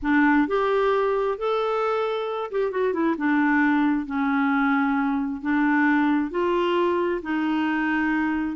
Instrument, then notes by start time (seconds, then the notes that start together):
clarinet
0.02 D4
0.47 G4
1.38 A4
2.51 G4
2.71 F#4
2.93 E4
3.17 D4
4.06 C#4
5.41 D4
6.31 F4
7.22 D#4